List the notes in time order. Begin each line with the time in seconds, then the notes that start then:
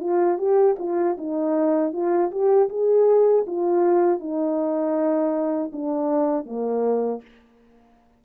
0.00 F4
0.38 G4
0.78 F4
1.17 D#4
1.93 F4
2.31 G4
2.69 G#4
3.47 F4
4.19 D#4
5.72 D4
6.46 A#3